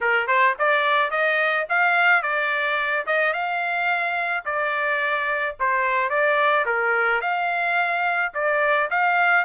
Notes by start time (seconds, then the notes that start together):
0.00 A#4
0.27 C5
0.58 D5
1.11 D#5
1.69 F5
2.22 D5
3.06 D#5
3.33 F5
4.45 D5
5.59 C5
6.09 D5
6.65 A#4
7.21 F5
8.34 D5
8.90 F5